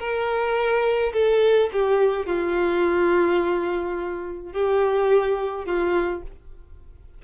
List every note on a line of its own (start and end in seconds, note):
0.00 1.13 A#4
1.14 1.70 A4
1.73 2.27 G4
2.27 4.53 F4
4.53 5.66 G4
5.66 6.23 F4